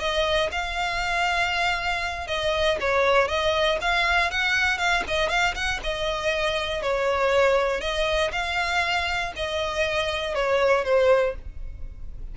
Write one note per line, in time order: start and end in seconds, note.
0.00 0.50 D#5
0.52 2.28 F5
2.28 2.78 D#5
2.81 3.28 C#5
3.28 3.79 D#5
3.82 4.31 F5
4.31 4.79 F#5
4.79 5.04 F5
5.08 5.30 D#5
5.30 5.55 F5
5.55 5.81 F#5
5.84 6.82 D#5
6.82 7.81 C#5
7.81 8.32 D#5
8.32 9.33 F5
9.36 10.35 D#5
10.35 10.85 C#5
10.85 11.35 C5